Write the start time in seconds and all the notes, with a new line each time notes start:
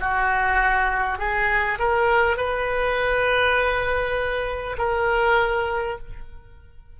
0.00 F#4
1.18 G#4
1.78 A#4
2.37 B4
4.78 A#4